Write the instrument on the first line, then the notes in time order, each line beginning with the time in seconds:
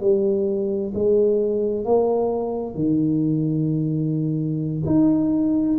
tuba
0.00 G3
0.94 G#3
1.85 A#3
2.75 D#3
4.85 D#4